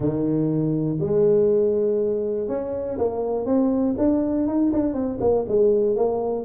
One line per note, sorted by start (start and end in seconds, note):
0.00 0.98 D#3
1.00 2.47 G#3
2.47 2.97 C#4
2.98 3.45 A#3
3.45 3.95 C4
3.98 4.47 D4
4.47 4.72 D#4
4.72 4.93 D4
4.93 5.18 C4
5.20 5.45 A#3
5.48 5.96 G#3
5.96 6.45 A#3